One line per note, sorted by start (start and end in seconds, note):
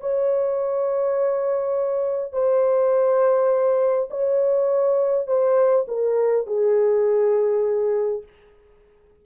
0.00 2.32 C#5
2.32 4.09 C5
4.10 5.27 C#5
5.27 5.86 C5
5.88 6.47 A#4
6.47 8.23 G#4